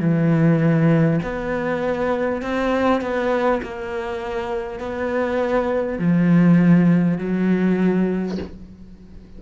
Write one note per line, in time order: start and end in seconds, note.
0.00 1.20 E3
1.23 2.42 B3
2.42 3.01 C4
3.01 3.61 B3
3.63 4.80 A#3
4.80 5.99 B3
5.99 7.18 F3
7.18 8.38 F#3